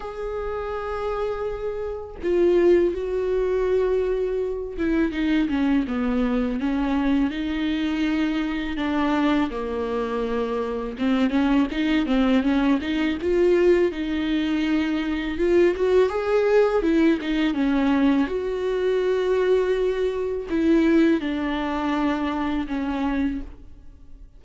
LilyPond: \new Staff \with { instrumentName = "viola" } { \time 4/4 \tempo 4 = 82 gis'2. f'4 | fis'2~ fis'8 e'8 dis'8 cis'8 | b4 cis'4 dis'2 | d'4 ais2 c'8 cis'8 |
dis'8 c'8 cis'8 dis'8 f'4 dis'4~ | dis'4 f'8 fis'8 gis'4 e'8 dis'8 | cis'4 fis'2. | e'4 d'2 cis'4 | }